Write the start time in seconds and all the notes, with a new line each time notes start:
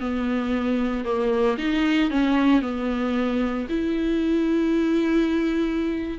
0.00 B3
1.05 A#3
1.58 D#4
2.11 C#4
2.62 B3
3.69 E4